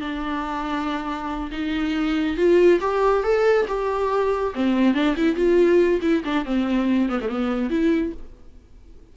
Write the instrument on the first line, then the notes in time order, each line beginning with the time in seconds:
viola
0.00 D4
1.51 D#4
2.37 F4
2.80 G4
3.23 A4
3.68 G4
4.55 C4
4.94 D4
5.16 E4
5.35 F4
6.01 E4
6.24 D4
6.45 C4
7.09 B3
7.21 A3
7.29 B3
7.70 E4